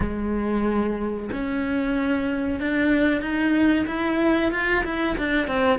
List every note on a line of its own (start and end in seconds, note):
0.00 1.29 G#3
1.32 2.60 C#4
2.60 3.21 D4
3.21 3.85 D#4
3.87 4.51 E4
4.51 4.84 F4
4.84 5.16 E4
5.17 5.47 D4
5.47 5.79 C4